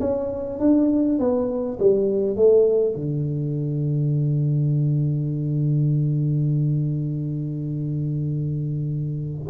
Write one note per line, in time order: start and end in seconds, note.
0.00 0.59 C#4
0.59 1.19 D4
1.19 1.78 B3
1.79 2.36 G3
2.36 2.95 A3
2.95 9.48 D3